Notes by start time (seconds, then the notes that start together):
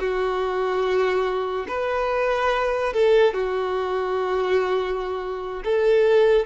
0.00 F#4
1.69 B4
2.94 A4
3.34 F#4
5.65 A4